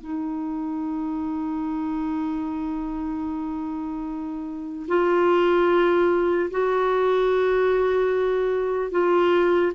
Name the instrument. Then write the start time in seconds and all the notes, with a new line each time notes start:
clarinet
0.00 D#4
4.88 F4
6.50 F#4
8.91 F4